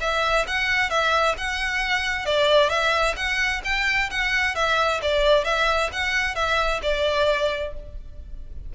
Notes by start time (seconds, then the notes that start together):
0.00 E5
0.47 F#5
0.90 E5
1.37 F#5
2.26 D5
2.69 E5
3.16 F#5
3.64 G5
4.10 F#5
4.55 E5
5.02 D5
5.44 E5
5.92 F#5
6.35 E5
6.82 D5